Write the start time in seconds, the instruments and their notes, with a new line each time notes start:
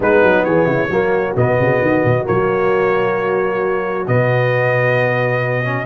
0.00 tuba G#3, trombone B3, horn D#4, trumpet B4
0.23 tuba F#3
0.44 tuba E3, horn G#4, trumpet C#5
0.66 tuba C#3, horn E4
0.89 tuba F#3, trombone A#3, horn F#4
1.36 tuba B2, trombone B3, trumpet D#5
1.59 tuba C#3
1.81 tuba D#3
2.04 tuba B2
2.24 tuba F#3, trombone A#3, trumpet C#5
4.07 tuba B2, trombone B3, trumpet D#5
5.64 trombone C#4